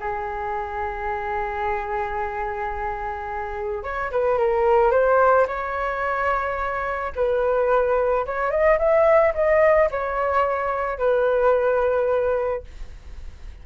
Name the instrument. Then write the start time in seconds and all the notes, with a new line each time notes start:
flute
0.00 G#4
3.83 C#5
4.11 B4
4.38 A#4
4.91 C5
5.47 C#5
7.16 B4
8.26 C#5
8.51 D#5
8.79 E5
9.35 D#5
9.91 C#5
10.98 B4